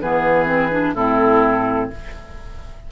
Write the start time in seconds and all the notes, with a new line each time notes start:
0.00 E3 B3 G#4 B4
0.45 C4
0.71 D4
0.94 A2 C4 E4 A4